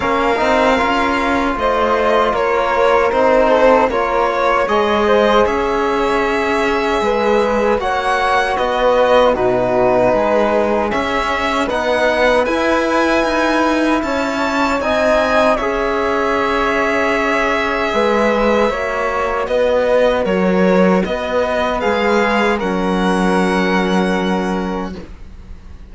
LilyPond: <<
  \new Staff \with { instrumentName = "violin" } { \time 4/4 \tempo 4 = 77 f''2 dis''4 cis''4 | c''4 cis''4 dis''4 e''4~ | e''2 fis''4 dis''4 | b'2 e''4 fis''4 |
gis''2 a''4 gis''4 | e''1~ | e''4 dis''4 cis''4 dis''4 | f''4 fis''2. | }
  \new Staff \with { instrumentName = "flute" } { \time 4/4 ais'2 c''4 ais'4~ | ais'8 a'8 ais'8 cis''4 c''8 cis''4~ | cis''4 b'4 cis''4 b'4 | fis'4 gis'2 b'4~ |
b'2 cis''4 dis''4 | cis''2. b'4 | cis''4 b'4 ais'4 b'4~ | b'4 ais'2. | }
  \new Staff \with { instrumentName = "trombone" } { \time 4/4 cis'8 dis'8 f'2. | dis'4 f'4 gis'2~ | gis'2 fis'2 | dis'2 cis'4 dis'4 |
e'2. dis'4 | gis'1 | fis'1 | gis'4 cis'2. | }
  \new Staff \with { instrumentName = "cello" } { \time 4/4 ais8 c'8 cis'4 a4 ais4 | c'4 ais4 gis4 cis'4~ | cis'4 gis4 ais4 b4 | b,4 gis4 cis'4 b4 |
e'4 dis'4 cis'4 c'4 | cis'2. gis4 | ais4 b4 fis4 b4 | gis4 fis2. | }
>>